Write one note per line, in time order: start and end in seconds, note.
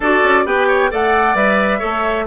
0.00 0.21 D4
0.00 0.45 F#4
0.00 0.44 A4
0.00 0.46 D5
0.23 0.45 C#4
0.45 0.90 B3
0.45 0.90 G4
0.45 0.67 B4
0.45 0.91 G5
0.67 0.90 C#5
0.90 1.34 A3
0.90 1.35 A4
0.90 1.79 D5
0.90 1.35 F#5
1.34 1.80 G3
1.34 1.79 B4
1.34 2.26 E5
1.79 2.27 A3
1.79 2.25 A4
1.79 2.24 C#5